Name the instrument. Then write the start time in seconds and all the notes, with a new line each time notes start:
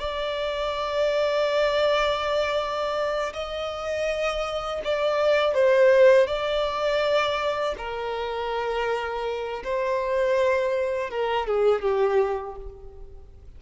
violin
0.00 D5
3.34 D#5
4.85 D5
5.55 C5
6.27 D5
7.78 A#4
9.64 C5
11.10 A#4
11.47 G#4
11.82 G4